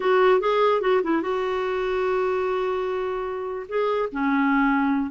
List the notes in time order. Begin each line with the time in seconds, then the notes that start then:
0.00 F#4
0.40 G#4
0.81 F#4
1.03 E4
1.22 F#4
3.68 G#4
4.12 C#4